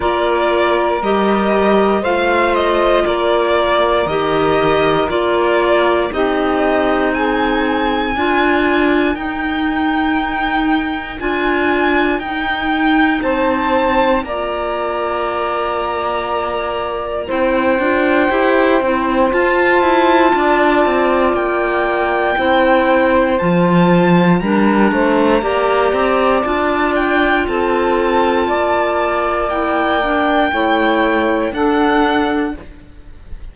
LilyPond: <<
  \new Staff \with { instrumentName = "violin" } { \time 4/4 \tempo 4 = 59 d''4 dis''4 f''8 dis''8 d''4 | dis''4 d''4 dis''4 gis''4~ | gis''4 g''2 gis''4 | g''4 a''4 ais''2~ |
ais''4 g''2 a''4~ | a''4 g''2 a''4 | ais''2 a''8 g''8 a''4~ | a''4 g''2 fis''4 | }
  \new Staff \with { instrumentName = "saxophone" } { \time 4/4 ais'2 c''4 ais'4~ | ais'2 g'4 gis'4 | ais'1~ | ais'4 c''4 d''2~ |
d''4 c''2. | d''2 c''2 | ais'8 c''8 d''2 a'4 | d''2 cis''4 a'4 | }
  \new Staff \with { instrumentName = "clarinet" } { \time 4/4 f'4 g'4 f'2 | g'4 f'4 dis'2 | f'4 dis'2 f'4 | dis'2 f'2~ |
f'4 e'8 f'8 g'8 e'8 f'4~ | f'2 e'4 f'4 | d'4 g'4 f'2~ | f'4 e'8 d'8 e'4 d'4 | }
  \new Staff \with { instrumentName = "cello" } { \time 4/4 ais4 g4 a4 ais4 | dis4 ais4 c'2 | d'4 dis'2 d'4 | dis'4 c'4 ais2~ |
ais4 c'8 d'8 e'8 c'8 f'8 e'8 | d'8 c'8 ais4 c'4 f4 | g8 a8 ais8 c'8 d'4 c'4 | ais2 a4 d'4 | }
>>